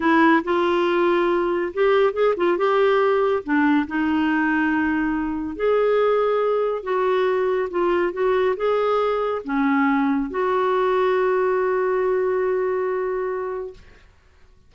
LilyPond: \new Staff \with { instrumentName = "clarinet" } { \time 4/4 \tempo 4 = 140 e'4 f'2. | g'4 gis'8 f'8 g'2 | d'4 dis'2.~ | dis'4 gis'2. |
fis'2 f'4 fis'4 | gis'2 cis'2 | fis'1~ | fis'1 | }